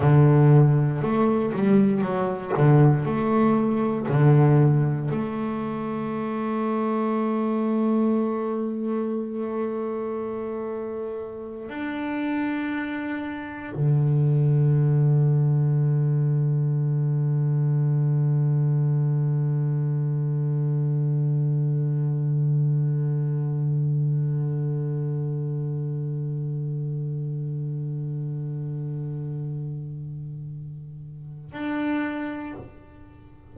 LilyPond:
\new Staff \with { instrumentName = "double bass" } { \time 4/4 \tempo 4 = 59 d4 a8 g8 fis8 d8 a4 | d4 a2.~ | a2.~ a8 d'8~ | d'4. d2~ d8~ |
d1~ | d1~ | d1~ | d2. d'4 | }